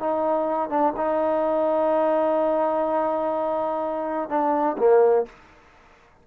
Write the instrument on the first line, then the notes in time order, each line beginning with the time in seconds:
trombone
0.00 D#4
0.70 D4
0.97 D#4
4.30 D4
4.78 A#3